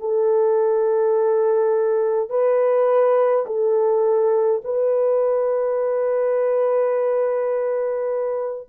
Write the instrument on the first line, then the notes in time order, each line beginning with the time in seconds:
horn
0.00 A4
2.30 B4
3.47 A4
4.65 B4